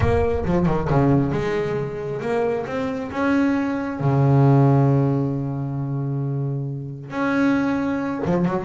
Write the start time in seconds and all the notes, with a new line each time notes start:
0.00 A#3
0.45 F3
0.65 D#3
0.89 C#3
1.32 G#3
2.21 A#3
2.66 C4
3.11 C#4
4.00 C#3
7.10 C#4
8.25 F3
8.45 F#3